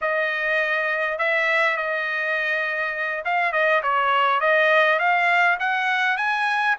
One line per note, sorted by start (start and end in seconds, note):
0.01 1.18 D#5
1.18 1.76 E5
1.76 3.24 D#5
3.25 3.52 F5
3.52 3.81 D#5
3.82 4.40 C#5
4.40 4.99 D#5
4.99 5.57 F5
5.59 6.17 F#5
6.17 6.76 G#5